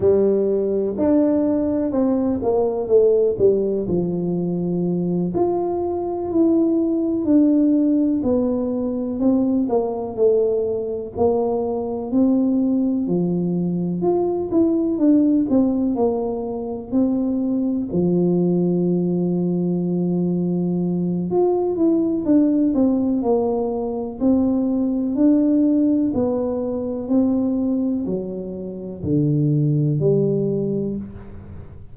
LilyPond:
\new Staff \with { instrumentName = "tuba" } { \time 4/4 \tempo 4 = 62 g4 d'4 c'8 ais8 a8 g8 | f4. f'4 e'4 d'8~ | d'8 b4 c'8 ais8 a4 ais8~ | ais8 c'4 f4 f'8 e'8 d'8 |
c'8 ais4 c'4 f4.~ | f2 f'8 e'8 d'8 c'8 | ais4 c'4 d'4 b4 | c'4 fis4 d4 g4 | }